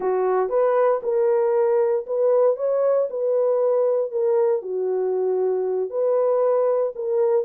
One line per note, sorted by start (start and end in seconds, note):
0.00 0.49 F#4
0.49 1.00 B4
1.03 2.05 A#4
2.06 2.56 B4
2.56 3.07 C#5
3.10 4.11 B4
4.11 4.62 A#4
4.62 5.90 F#4
5.90 6.92 B4
6.95 7.45 A#4